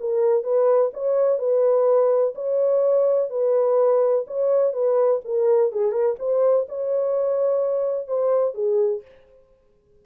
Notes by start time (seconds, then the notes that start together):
0.00 A#4
0.43 B4
0.93 C#5
1.39 B4
2.35 C#5
3.30 B4
4.27 C#5
4.73 B4
5.24 A#4
5.72 G#4
5.92 A#4
6.19 C5
6.68 C#5
8.07 C5
8.54 G#4